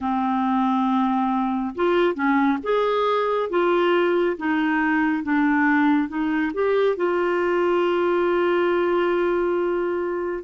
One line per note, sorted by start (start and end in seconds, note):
0.00 1.74 C4
1.75 2.14 F4
2.14 2.57 C#4
2.63 3.49 G#4
3.49 4.36 F4
4.37 5.23 D#4
5.23 6.08 D4
6.08 6.51 D#4
6.53 6.96 G4
6.96 10.43 F4